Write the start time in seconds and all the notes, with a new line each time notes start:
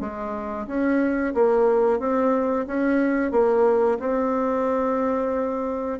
0.00 G#3
0.67 C#4
1.34 A#3
1.99 C4
2.67 C#4
3.32 A#3
3.99 C4